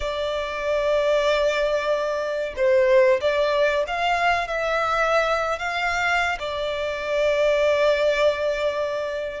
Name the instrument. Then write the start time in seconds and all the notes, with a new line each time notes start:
violin
0.00 D5
2.56 C5
3.20 D5
3.87 F5
4.47 E5
5.59 F5
6.39 D5